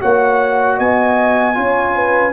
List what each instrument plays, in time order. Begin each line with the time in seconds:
0.00 tuba A#3, trombone F#4, horn C#5, trumpet F#5
0.77 tuba B3, horn D#5, trumpet G#5
1.54 tuba C#4, trombone F4, horn C#5
1.95 horn B4